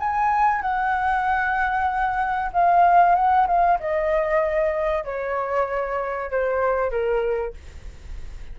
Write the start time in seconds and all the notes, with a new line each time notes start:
0.00 G#5
0.62 F#5
2.53 F5
3.16 F#5
3.47 F5
3.80 D#5
5.05 C#5
6.31 C5
6.91 A#4